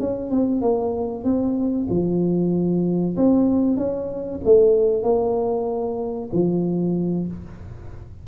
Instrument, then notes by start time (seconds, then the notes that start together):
tuba
0.00 C#4
0.31 C4
0.62 A#3
1.24 C4
1.90 F3
3.17 C4
3.77 C#4
4.45 A3
5.03 A#3
6.33 F3